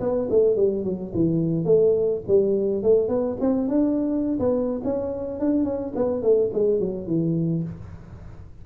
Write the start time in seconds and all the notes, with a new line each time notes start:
0.00 B3
0.30 A3
0.56 G3
0.84 F#3
1.14 E3
1.65 A3
2.28 G3
2.83 A3
3.08 B3
3.41 C4
3.68 D4
4.39 B3
4.84 C#4
5.40 D4
5.64 C#4
5.96 B3
6.22 A3
6.53 G#3
6.80 F#3
7.07 E3